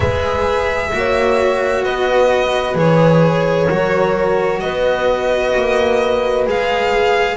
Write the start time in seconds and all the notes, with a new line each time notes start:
0.00 G#3 G#4 B4 E5
0.92 A#3 F#4 C#5
1.83 B3 B4 D#5
2.74 E3 G#4 C#5
3.68 F#3 F#4 A#4
4.60 B3 B4 D#5
5.54 A#3
6.46 G#3 G#4 F5